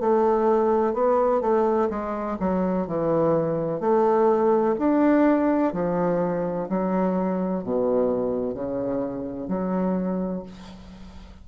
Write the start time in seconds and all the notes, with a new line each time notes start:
0.00 A3
0.93 B3
1.41 A3
1.90 G#3
2.39 F#3
2.87 E3
3.80 A3
4.78 D4
5.73 F3
6.68 F#3
7.63 B2
8.54 C#3
9.48 F#3